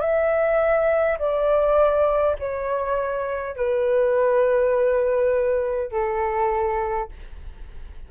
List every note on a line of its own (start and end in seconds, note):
0.00 1.18 E5
1.19 2.36 D5
2.39 3.56 C#5
3.56 5.91 B4
5.91 7.09 A4